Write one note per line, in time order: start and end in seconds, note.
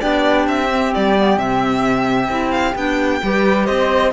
0.00 0.47 B3
0.00 0.69 D4
0.00 3.22 G4
0.00 0.47 D5
0.47 0.93 C4
0.47 0.94 E5
0.71 1.17 C4
0.94 1.38 G3
0.94 1.39 D5
1.17 1.38 B3
1.38 2.29 C3
1.38 2.30 C4
1.38 2.51 E5
2.29 2.75 C4
2.29 2.75 E4
2.51 2.74 F5
2.75 3.21 B3
2.75 3.22 D4
2.75 3.66 G5
3.23 3.69 G3
3.23 4.13 G4
3.23 3.66 B4
3.66 4.13 C4
3.66 4.12 C5
3.66 4.12 D#5